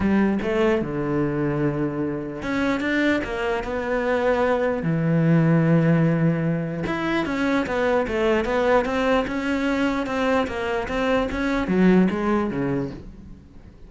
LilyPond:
\new Staff \with { instrumentName = "cello" } { \time 4/4 \tempo 4 = 149 g4 a4 d2~ | d2 cis'4 d'4 | ais4 b2. | e1~ |
e4 e'4 cis'4 b4 | a4 b4 c'4 cis'4~ | cis'4 c'4 ais4 c'4 | cis'4 fis4 gis4 cis4 | }